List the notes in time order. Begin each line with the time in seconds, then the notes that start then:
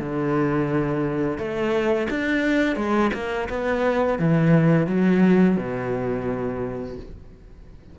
0.00 D3
1.38 A3
2.10 D4
2.76 G#3
3.14 A#3
3.50 B3
4.19 E3
4.87 F#3
5.57 B2